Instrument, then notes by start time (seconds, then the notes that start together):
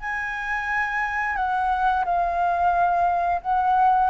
flute
0.00 G#5
1.36 F#5
2.05 F5
3.42 F#5